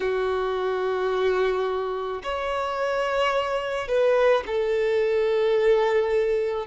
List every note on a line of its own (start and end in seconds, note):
0.00 2.22 F#4
2.23 3.87 C#5
3.87 4.43 B4
4.46 6.66 A4